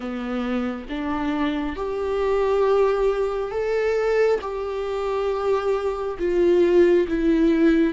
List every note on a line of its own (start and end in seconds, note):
0.00 0.86 B3
0.89 1.76 D4
1.76 3.51 G4
3.51 4.39 A4
4.41 6.17 G4
6.18 7.07 F4
7.08 7.93 E4